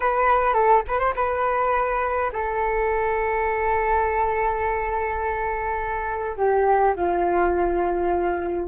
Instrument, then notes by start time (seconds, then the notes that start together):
flute
0.00 B4
0.53 A4
0.87 B4
0.99 C5
1.15 B4
2.32 A4
6.36 G4
6.95 F4